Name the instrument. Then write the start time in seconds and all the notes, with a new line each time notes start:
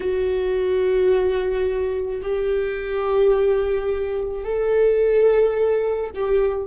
viola
0.00 F#4
2.22 G4
4.44 A4
6.14 G4